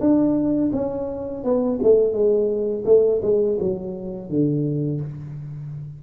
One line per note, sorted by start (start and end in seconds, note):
0.00 0.71 D4
0.72 1.44 C#4
1.44 1.79 B3
1.82 2.12 A3
2.12 2.84 G#3
2.85 3.21 A3
3.22 3.58 G#3
3.60 4.30 F#3
4.30 5.01 D3